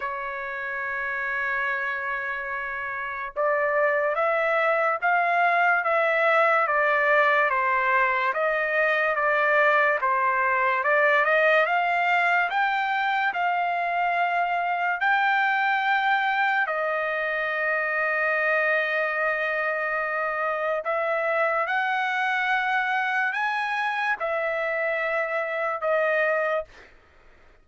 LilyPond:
\new Staff \with { instrumentName = "trumpet" } { \time 4/4 \tempo 4 = 72 cis''1 | d''4 e''4 f''4 e''4 | d''4 c''4 dis''4 d''4 | c''4 d''8 dis''8 f''4 g''4 |
f''2 g''2 | dis''1~ | dis''4 e''4 fis''2 | gis''4 e''2 dis''4 | }